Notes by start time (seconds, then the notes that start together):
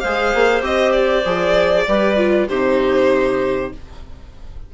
0.00 G#3 G#4 C5 F5
0.35 A#3
0.61 C4 G4 D#5
0.92 D5
1.25 F3 G#4
1.88 G3 G4 B4
2.17 F4
2.49 C3 D#4 G4 C5